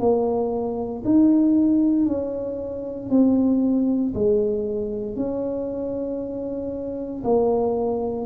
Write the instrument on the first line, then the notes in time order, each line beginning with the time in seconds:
tuba
0.00 A#3
1.05 D#4
2.06 C#4
3.10 C4
4.15 G#3
5.16 C#4
7.24 A#3